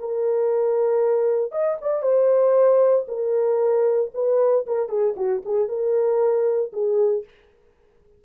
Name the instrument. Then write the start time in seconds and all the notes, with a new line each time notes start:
horn
0.00 A#4
1.52 D#5
1.81 D5
2.03 C5
3.08 A#4
4.14 B4
4.67 A#4
4.89 G#4
5.17 F#4
5.45 G#4
5.69 A#4
6.73 G#4